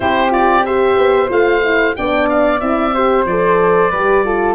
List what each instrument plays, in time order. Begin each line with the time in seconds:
0.00 tuba C4, horn E4, flute G4, oboe C5
0.30 horn F4, oboe D5
0.65 horn G4, flute C5, oboe E5
0.97 tuba B3
1.29 tuba A3, horn F4, oboe F5
1.63 horn E4
1.96 tuba B3, horn D4, flute D5, oboe G5
2.29 oboe F5
2.60 tuba C4, horn E4, oboe E5
2.94 horn G4, flute C5
3.25 tuba F3, horn A4, oboe D5
3.90 tuba G3, horn G4, flute B4
4.24 horn F4, flute A4